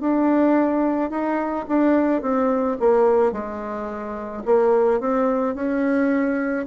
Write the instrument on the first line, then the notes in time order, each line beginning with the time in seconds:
bassoon
0.00 D4
1.10 D#4
1.68 D4
2.22 C4
2.80 A#3
3.32 G#3
4.45 A#3
5.00 C4
5.55 C#4